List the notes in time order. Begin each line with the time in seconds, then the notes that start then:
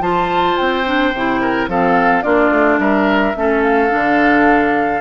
0.00 F3 F4 C5 A5
0.57 C4 G5
0.85 D4
1.14 C3 E4
1.41 A#4
1.68 F3 C4 A4 F5
2.23 A#3 D4 F4 D5
2.50 A3
2.78 G3 A#4 E5
3.36 A3 C#4 A4
3.63 F5
3.90 D3 D4